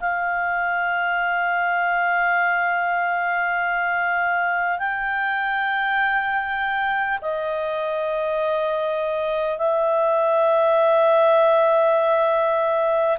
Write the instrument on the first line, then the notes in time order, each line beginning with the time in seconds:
clarinet
0.00 F5
4.79 G5
7.22 D#5
9.58 E5